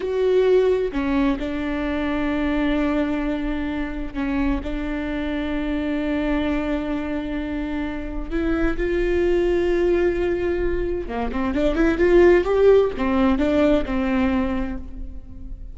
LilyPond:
\new Staff \with { instrumentName = "viola" } { \time 4/4 \tempo 4 = 130 fis'2 cis'4 d'4~ | d'1~ | d'4 cis'4 d'2~ | d'1~ |
d'2 e'4 f'4~ | f'1 | ais8 c'8 d'8 e'8 f'4 g'4 | c'4 d'4 c'2 | }